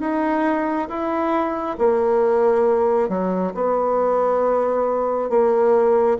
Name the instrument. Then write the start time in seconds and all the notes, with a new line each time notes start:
bassoon
0.00 D#4
0.89 E4
1.78 A#3
3.08 F#3
3.54 B3
5.29 A#3